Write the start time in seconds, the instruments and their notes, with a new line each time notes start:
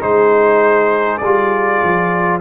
0.00 tuba G#3, trombone D#4, horn G#4, trumpet C5
1.18 tuba G3, trumpet D5
1.24 trombone F4
1.83 tuba F3